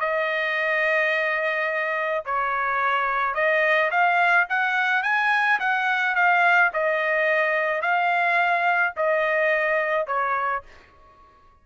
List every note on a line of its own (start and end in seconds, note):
0.00 2.24 D#5
2.25 3.35 C#5
3.35 3.90 D#5
3.91 4.47 F5
4.49 5.03 F#5
5.03 5.59 G#5
5.59 6.15 F#5
6.15 6.71 F5
6.73 7.82 D#5
7.82 8.94 F5
8.97 10.07 D#5
10.07 10.63 C#5